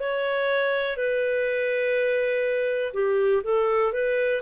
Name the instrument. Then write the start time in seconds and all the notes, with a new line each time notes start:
clarinet
0.00 C#5
0.97 B4
2.94 G4
3.44 A4
3.93 B4